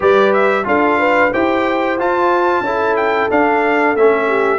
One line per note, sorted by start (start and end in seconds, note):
0.00 0.66 G3
0.00 0.63 G4
0.00 0.64 B4
0.00 0.33 D5
0.33 0.66 E5
0.63 1.31 D4
0.63 1.29 F4
0.63 0.98 A4
0.63 1.33 F5
0.98 1.31 B4
1.32 1.98 E4
1.32 1.98 G4
1.32 2.64 C5
1.32 1.99 G5
1.98 2.60 F4
1.98 2.64 F4
1.98 2.96 A5
2.60 3.26 C#4
2.60 3.30 E4
2.60 4.27 A4
2.96 3.29 G5
3.30 3.95 D4
3.30 3.96 D4
3.30 3.96 F5
3.95 4.58 A3
3.95 4.58 C#4
3.95 4.58 E5
4.27 4.58 G4